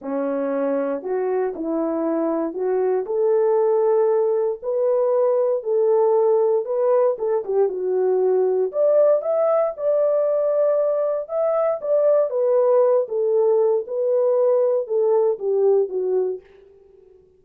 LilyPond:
\new Staff \with { instrumentName = "horn" } { \time 4/4 \tempo 4 = 117 cis'2 fis'4 e'4~ | e'4 fis'4 a'2~ | a'4 b'2 a'4~ | a'4 b'4 a'8 g'8 fis'4~ |
fis'4 d''4 e''4 d''4~ | d''2 e''4 d''4 | b'4. a'4. b'4~ | b'4 a'4 g'4 fis'4 | }